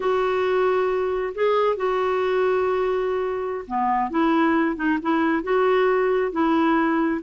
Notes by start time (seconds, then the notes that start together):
0.00 F#4
1.35 G#4
1.76 F#4
3.67 B3
4.10 E4
4.76 D#4
5.02 E4
5.43 F#4
6.32 E4